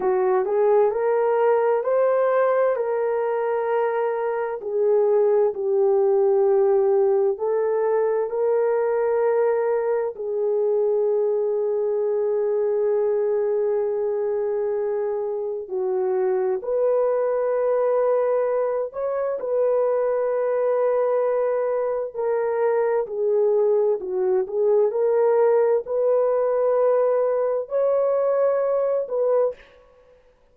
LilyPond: \new Staff \with { instrumentName = "horn" } { \time 4/4 \tempo 4 = 65 fis'8 gis'8 ais'4 c''4 ais'4~ | ais'4 gis'4 g'2 | a'4 ais'2 gis'4~ | gis'1~ |
gis'4 fis'4 b'2~ | b'8 cis''8 b'2. | ais'4 gis'4 fis'8 gis'8 ais'4 | b'2 cis''4. b'8 | }